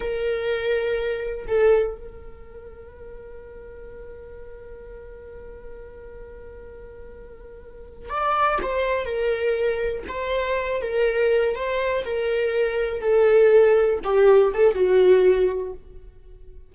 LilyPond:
\new Staff \with { instrumentName = "viola" } { \time 4/4 \tempo 4 = 122 ais'2. a'4 | ais'1~ | ais'1~ | ais'1~ |
ais'8 d''4 c''4 ais'4.~ | ais'8 c''4. ais'4. c''8~ | c''8 ais'2 a'4.~ | a'8 g'4 a'8 fis'2 | }